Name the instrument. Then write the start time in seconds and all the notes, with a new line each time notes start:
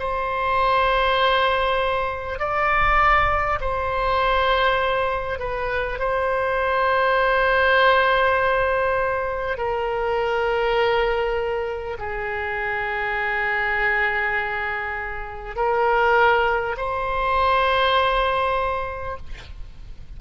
oboe
0.00 C5
2.39 D5
3.61 C5
5.39 B4
5.99 C5
9.58 A#4
11.99 G#4
15.56 A#4
16.77 C5